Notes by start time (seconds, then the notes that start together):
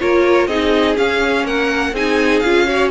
0.00 A#3 F4 A#4 C#5
0.47 C4 D#4 G#4 D#5
0.96 C#4 F5
1.45 A#3 A#4 F#5
1.93 C4 D#4 G#4 G#5
2.40 C#4 F4 F5
2.67 F#4 C#5